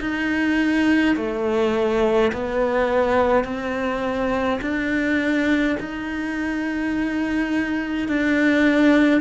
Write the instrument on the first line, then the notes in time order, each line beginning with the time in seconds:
cello
0.00 D#4
1.16 A3
2.32 B3
3.44 C4
4.62 D4
5.80 D#4
8.08 D4